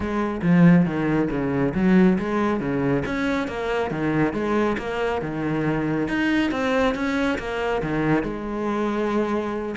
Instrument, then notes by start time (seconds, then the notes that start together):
cello
0.00 G#3
0.42 F3
0.85 D#3
1.30 C#3
1.74 F#3
2.18 G#3
2.60 C#3
3.05 C#4
3.47 A#3
3.91 D#3
4.33 G#3
4.78 A#3
5.21 D#3
6.08 D#4
6.51 C4
6.94 C#4
7.38 A#3
7.82 D#3
8.23 G#3